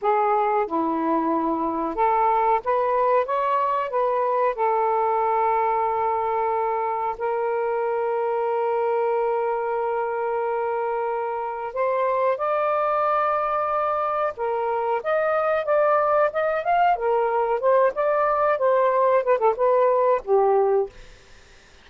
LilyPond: \new Staff \with { instrumentName = "saxophone" } { \time 4/4 \tempo 4 = 92 gis'4 e'2 a'4 | b'4 cis''4 b'4 a'4~ | a'2. ais'4~ | ais'1~ |
ais'2 c''4 d''4~ | d''2 ais'4 dis''4 | d''4 dis''8 f''8 ais'4 c''8 d''8~ | d''8 c''4 b'16 a'16 b'4 g'4 | }